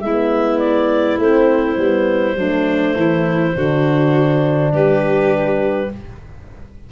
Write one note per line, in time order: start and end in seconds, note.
0.00 1.18 G#3
0.00 1.22 B3
0.00 2.37 E4
0.00 0.59 E5
0.59 1.18 D5
1.18 1.76 A3
1.18 1.77 C4
1.18 4.74 C5
1.77 2.35 G3
1.77 2.36 B3
2.35 2.94 F#3
2.35 3.53 A3
2.35 2.96 D4
2.96 3.55 E3
2.96 3.56 E4
3.55 4.73 D3
3.55 5.90 D4
3.55 4.72 F#4
4.72 5.91 G3
4.72 5.90 G4
4.72 5.91 B4